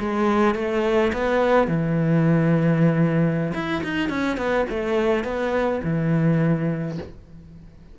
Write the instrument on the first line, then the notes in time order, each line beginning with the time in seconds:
cello
0.00 G#3
0.55 A3
1.13 B3
1.68 E3
3.54 E4
3.84 D#4
4.09 C#4
4.37 B3
4.70 A3
5.24 B3
5.84 E3